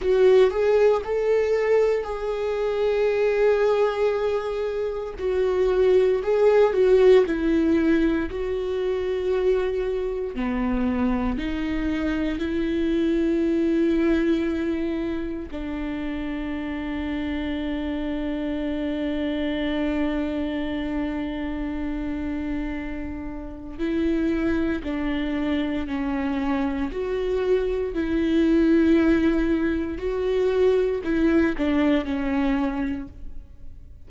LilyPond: \new Staff \with { instrumentName = "viola" } { \time 4/4 \tempo 4 = 58 fis'8 gis'8 a'4 gis'2~ | gis'4 fis'4 gis'8 fis'8 e'4 | fis'2 b4 dis'4 | e'2. d'4~ |
d'1~ | d'2. e'4 | d'4 cis'4 fis'4 e'4~ | e'4 fis'4 e'8 d'8 cis'4 | }